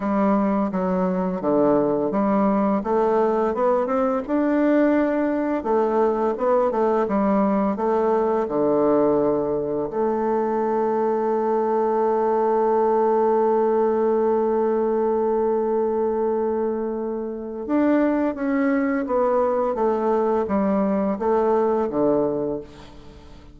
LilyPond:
\new Staff \with { instrumentName = "bassoon" } { \time 4/4 \tempo 4 = 85 g4 fis4 d4 g4 | a4 b8 c'8 d'2 | a4 b8 a8 g4 a4 | d2 a2~ |
a1~ | a1~ | a4 d'4 cis'4 b4 | a4 g4 a4 d4 | }